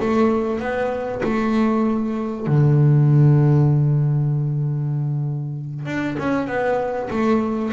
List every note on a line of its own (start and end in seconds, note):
0.00 0.60 A3
0.60 1.21 B3
1.23 2.47 A3
2.47 5.85 D3
5.85 6.16 D4
6.19 6.47 C#4
6.47 7.09 B3
7.10 7.72 A3